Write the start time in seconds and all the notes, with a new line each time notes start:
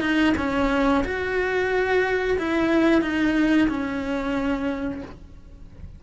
0.00 D#4
0.37 C#4
1.04 F#4
2.38 E4
3.02 D#4
3.68 C#4